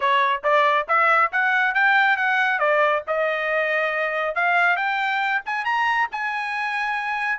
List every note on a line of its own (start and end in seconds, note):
0.00 0.42 C#5
0.43 0.87 D5
0.88 1.31 E5
1.31 1.74 F#5
1.74 2.16 G5
2.16 2.59 F#5
2.59 3.02 D5
3.07 4.35 D#5
4.35 4.76 F5
4.76 5.41 G5
5.45 5.64 G#5
5.64 6.08 A#5
6.11 7.38 G#5